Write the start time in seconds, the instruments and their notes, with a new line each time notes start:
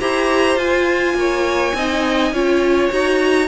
0.00 cello E4, viola G4, violin C5 A#5
0.56 cello F4, viola F4, violin G#5
1.14 cello A#3, violin C#5
1.74 cello C4, viola D#4, violin D#5
2.32 cello C#4, viola F4, violin C#5
2.91 cello D#4, viola F#4, violin A#5